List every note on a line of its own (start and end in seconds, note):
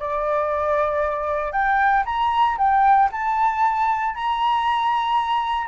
0.00 1.53 D5
1.53 2.04 G5
2.06 2.58 A#5
2.58 3.10 G5
3.12 4.15 A5
4.15 5.68 A#5